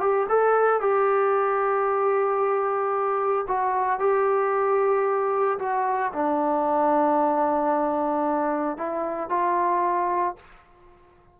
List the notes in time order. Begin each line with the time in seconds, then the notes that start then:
0.00 G4
0.29 A4
0.80 G4
3.48 F#4
3.99 G4
5.59 F#4
6.13 D4
8.77 E4
9.29 F4